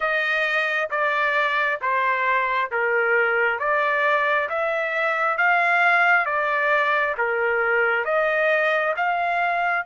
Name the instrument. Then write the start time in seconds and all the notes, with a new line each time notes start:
trumpet
0.00 D#5
0.90 D5
1.81 C5
2.71 A#4
3.59 D5
4.49 E5
5.37 F5
6.25 D5
7.17 A#4
8.04 D#5
8.96 F5